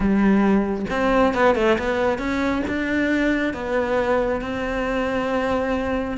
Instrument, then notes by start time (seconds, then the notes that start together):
cello
0.00 G3
0.89 C4
1.34 B3
1.55 A3
1.78 B3
2.18 C#4
2.67 D4
3.53 B3
4.41 C4